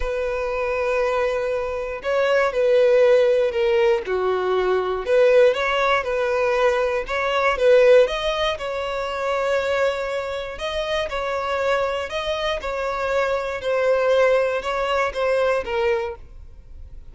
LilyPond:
\new Staff \with { instrumentName = "violin" } { \time 4/4 \tempo 4 = 119 b'1 | cis''4 b'2 ais'4 | fis'2 b'4 cis''4 | b'2 cis''4 b'4 |
dis''4 cis''2.~ | cis''4 dis''4 cis''2 | dis''4 cis''2 c''4~ | c''4 cis''4 c''4 ais'4 | }